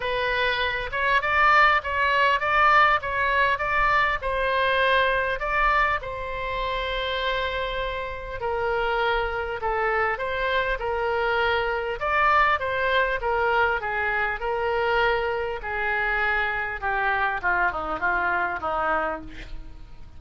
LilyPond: \new Staff \with { instrumentName = "oboe" } { \time 4/4 \tempo 4 = 100 b'4. cis''8 d''4 cis''4 | d''4 cis''4 d''4 c''4~ | c''4 d''4 c''2~ | c''2 ais'2 |
a'4 c''4 ais'2 | d''4 c''4 ais'4 gis'4 | ais'2 gis'2 | g'4 f'8 dis'8 f'4 dis'4 | }